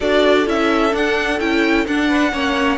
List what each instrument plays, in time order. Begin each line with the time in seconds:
0.00 cello D4, viola F#4, violin A4 D5
0.46 cello C#4, viola E4, violin E5
0.91 viola D4, cello D4, violin F#5
1.39 cello C#4, viola E4, violin G5
1.87 cello D4, viola D4, violin F#5
2.08 violin B4
2.32 cello A#3, viola C#4, violin C#5